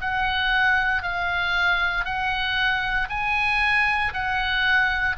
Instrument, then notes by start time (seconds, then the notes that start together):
oboe
0.00 F#5
1.03 F5
2.05 F#5
3.09 G#5
4.13 F#5